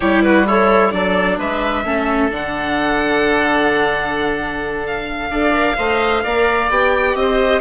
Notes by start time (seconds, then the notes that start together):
0.00 G3 E4 G4 C#5
0.22 F#4 B4
0.46 E4 A4 C#5
0.91 F#3 D4 A4 D5
1.38 G#3 B4 E5
1.84 A3 C#4 A4
2.30 D3 D4 F#5
4.86 F5
5.30 D4 A4 D5
5.53 A#4
5.77 A3 C5 D#5
6.23 A#3 A#4 D5
6.69 B3 G4 G5
7.15 C4 C5 D#5